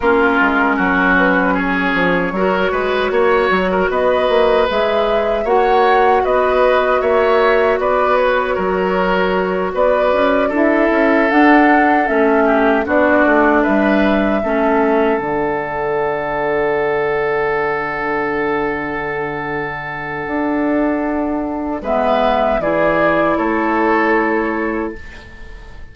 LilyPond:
<<
  \new Staff \with { instrumentName = "flute" } { \time 4/4 \tempo 4 = 77 ais'4. b'8 cis''2~ | cis''4 dis''4 e''4 fis''4 | dis''4 e''4 d''8 cis''4.~ | cis''8 d''4 e''4 fis''4 e''8~ |
e''8 d''4 e''2 fis''8~ | fis''1~ | fis''1 | e''4 d''4 cis''2 | }
  \new Staff \with { instrumentName = "oboe" } { \time 4/4 f'4 fis'4 gis'4 ais'8 b'8 | cis''8. ais'16 b'2 cis''4 | b'4 cis''4 b'4 ais'4~ | ais'8 b'4 a'2~ a'8 |
g'8 fis'4 b'4 a'4.~ | a'1~ | a'1 | b'4 gis'4 a'2 | }
  \new Staff \with { instrumentName = "clarinet" } { \time 4/4 cis'2. fis'4~ | fis'2 gis'4 fis'4~ | fis'1~ | fis'4. e'4 d'4 cis'8~ |
cis'8 d'2 cis'4 d'8~ | d'1~ | d'1 | b4 e'2. | }
  \new Staff \with { instrumentName = "bassoon" } { \time 4/4 ais8 gis8 fis4. f8 fis8 gis8 | ais8 fis8 b8 ais8 gis4 ais4 | b4 ais4 b4 fis4~ | fis8 b8 cis'8 d'8 cis'8 d'4 a8~ |
a8 b8 a8 g4 a4 d8~ | d1~ | d2 d'2 | gis4 e4 a2 | }
>>